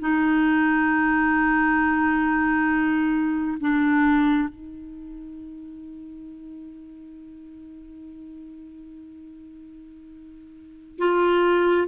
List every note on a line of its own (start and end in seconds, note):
0.00 3.58 D#4
3.60 4.49 D4
4.49 10.98 D#4
10.99 11.88 F4